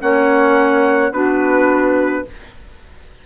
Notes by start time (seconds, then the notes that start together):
0.00 A#3 C#4 C#5 F#5
1.12 B3 D4 F#4 B4